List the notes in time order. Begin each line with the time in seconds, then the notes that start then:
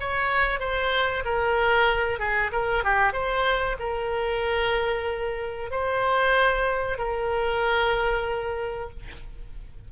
0.00 C#5
0.59 C5
1.25 A#4
2.19 G#4
2.52 A#4
2.84 G4
3.12 C5
3.79 A#4
5.71 C5
6.98 A#4